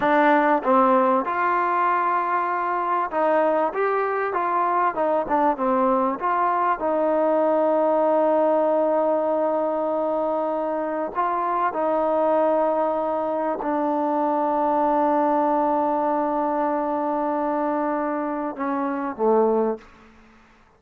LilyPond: \new Staff \with { instrumentName = "trombone" } { \time 4/4 \tempo 4 = 97 d'4 c'4 f'2~ | f'4 dis'4 g'4 f'4 | dis'8 d'8 c'4 f'4 dis'4~ | dis'1~ |
dis'2 f'4 dis'4~ | dis'2 d'2~ | d'1~ | d'2 cis'4 a4 | }